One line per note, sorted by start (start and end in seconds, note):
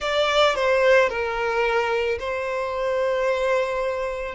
0.00 0.55 D5
0.55 1.09 C5
1.09 2.18 A#4
2.19 4.35 C5